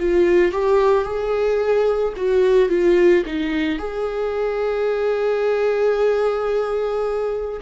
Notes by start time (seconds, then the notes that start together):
0.00 F4
0.52 G4
1.05 G#4
2.17 F#4
2.70 F4
3.26 D#4
3.79 G#4